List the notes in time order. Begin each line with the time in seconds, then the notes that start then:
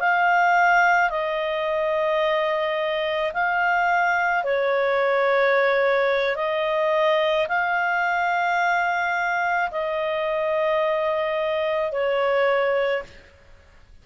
0.00 F5
1.10 D#5
3.33 F5
4.43 C#5
6.35 D#5
7.47 F5
9.71 D#5
11.91 C#5